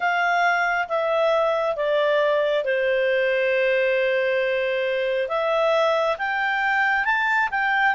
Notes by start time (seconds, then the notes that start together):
0.00 F5
0.88 E5
1.76 D5
2.64 C5
5.28 E5
6.18 G5
7.04 A5
7.50 G5